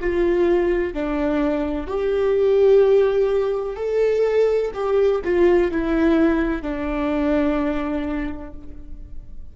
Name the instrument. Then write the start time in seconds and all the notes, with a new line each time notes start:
viola
0.00 F4
0.94 D4
1.87 G4
3.76 A4
4.74 G4
5.24 F4
5.71 E4
6.62 D4